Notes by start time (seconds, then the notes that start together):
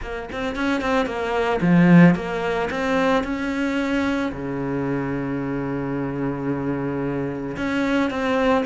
0.02 A#3
0.31 C4
0.55 C#4
0.81 C4
1.05 A#3
1.61 F3
2.15 A#3
2.70 C4
3.23 C#4
4.32 C#3
7.57 C#4
8.10 C4